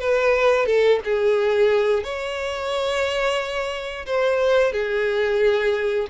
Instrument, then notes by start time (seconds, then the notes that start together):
violin
0.00 B4
0.66 A4
1.04 G#4
2.04 C#5
4.06 C5
4.73 G#4